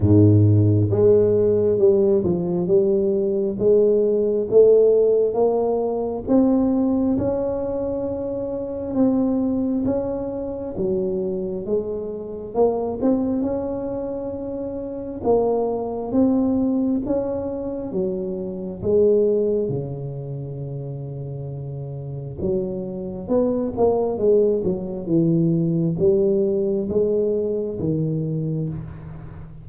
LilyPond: \new Staff \with { instrumentName = "tuba" } { \time 4/4 \tempo 4 = 67 gis,4 gis4 g8 f8 g4 | gis4 a4 ais4 c'4 | cis'2 c'4 cis'4 | fis4 gis4 ais8 c'8 cis'4~ |
cis'4 ais4 c'4 cis'4 | fis4 gis4 cis2~ | cis4 fis4 b8 ais8 gis8 fis8 | e4 g4 gis4 dis4 | }